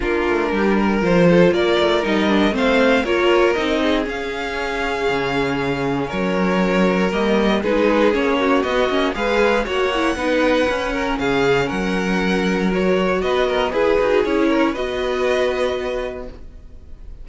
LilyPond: <<
  \new Staff \with { instrumentName = "violin" } { \time 4/4 \tempo 4 = 118 ais'2 c''4 d''4 | dis''4 f''4 cis''4 dis''4 | f''1 | cis''2 dis''4 b'4 |
cis''4 dis''4 f''4 fis''4~ | fis''2 f''4 fis''4~ | fis''4 cis''4 dis''4 b'4 | cis''4 dis''2. | }
  \new Staff \with { instrumentName = "violin" } { \time 4/4 f'4 g'8 ais'4 a'8 ais'4~ | ais'4 c''4 ais'4. gis'8~ | gis'1 | ais'2. gis'4~ |
gis'8 fis'4. b'4 cis''4 | b'4. ais'8 gis'4 ais'4~ | ais'2 b'8 ais'8 gis'4~ | gis'8 ais'8 b'2. | }
  \new Staff \with { instrumentName = "viola" } { \time 4/4 d'2 f'2 | dis'8 d'8 c'4 f'4 dis'4 | cis'1~ | cis'2 ais4 dis'4 |
cis'4 b8 cis'8 gis'4 fis'8 e'8 | dis'4 cis'2.~ | cis'4 fis'2 gis'8 fis'8 | e'4 fis'2. | }
  \new Staff \with { instrumentName = "cello" } { \time 4/4 ais8 a8 g4 f4 ais8 a8 | g4 a4 ais4 c'4 | cis'2 cis2 | fis2 g4 gis4 |
ais4 b8 ais8 gis4 ais4 | b4 cis'4 cis4 fis4~ | fis2 b4 e'8 dis'8 | cis'4 b2. | }
>>